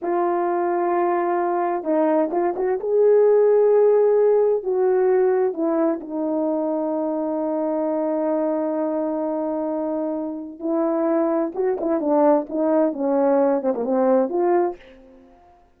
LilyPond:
\new Staff \with { instrumentName = "horn" } { \time 4/4 \tempo 4 = 130 f'1 | dis'4 f'8 fis'8 gis'2~ | gis'2 fis'2 | e'4 dis'2.~ |
dis'1~ | dis'2. e'4~ | e'4 fis'8 e'8 d'4 dis'4 | cis'4. c'16 ais16 c'4 f'4 | }